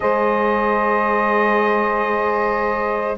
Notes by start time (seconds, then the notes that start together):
0.00 G#3 G#4 C5 D#5